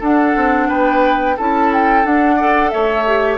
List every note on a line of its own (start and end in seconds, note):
0.00 0.35 D4
0.00 1.36 D4
0.00 0.67 A4
0.00 0.70 F#5
0.36 0.70 C4
0.69 1.38 B3
0.69 1.36 B4
0.69 1.37 G5
1.37 2.05 C#4
1.37 2.04 E4
1.37 2.36 A4
1.37 1.72 A5
1.73 2.06 G5
2.04 2.38 D4
2.04 2.72 D4
2.04 2.70 F#5
2.36 3.06 A4
2.36 2.70 D5
2.70 3.38 A3
2.70 3.38 C#5
2.70 3.38 E5
3.07 3.38 G4